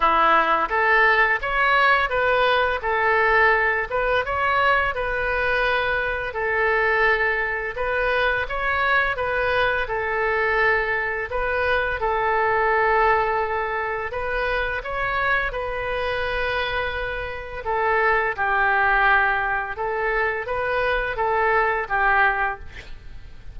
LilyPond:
\new Staff \with { instrumentName = "oboe" } { \time 4/4 \tempo 4 = 85 e'4 a'4 cis''4 b'4 | a'4. b'8 cis''4 b'4~ | b'4 a'2 b'4 | cis''4 b'4 a'2 |
b'4 a'2. | b'4 cis''4 b'2~ | b'4 a'4 g'2 | a'4 b'4 a'4 g'4 | }